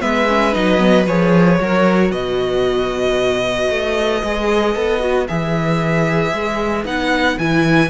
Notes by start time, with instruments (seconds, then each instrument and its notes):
0.00 cello G#3, viola B3, violin B4 E5
0.28 viola C#4
0.53 cello F#3, viola D#4, violin D#5
0.79 viola B3
1.07 cello F3, viola G#4, violin C#5
1.59 cello F#3, viola F#4, violin A#4
2.11 cello B2, violin B4 D#5
3.70 cello A3
4.23 cello G#3, viola G#4
4.75 cello B3, viola A4
5.00 viola F#4
5.27 cello E3, viola G#4, violin E5
6.32 cello G#3
6.85 cello B3, viola D#4, violin F#5
7.38 cello E3, viola E4, violin G#5